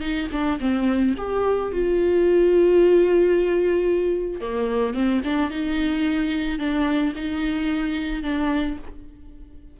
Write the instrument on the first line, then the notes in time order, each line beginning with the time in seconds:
viola
0.00 D#4
0.31 D4
0.60 C4
1.17 G4
1.72 F4
4.40 A#3
4.94 C4
5.24 D4
5.50 D#4
6.58 D4
7.15 D#4
8.22 D4